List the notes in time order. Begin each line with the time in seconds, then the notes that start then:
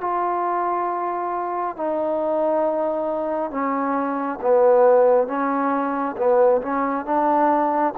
0.00 F4
1.76 D#4
3.50 C#4
4.41 B3
5.27 C#4
6.17 B3
6.61 C#4
7.05 D4